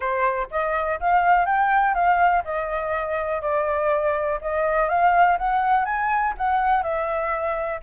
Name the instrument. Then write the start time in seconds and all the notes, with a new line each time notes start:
flute
0.00 C5
0.51 D#5
1.00 F5
1.45 G5
1.94 F5
2.44 D#5
3.41 D5
4.41 D#5
4.88 F5
5.38 F#5
5.85 G#5
6.37 F#5
6.82 E5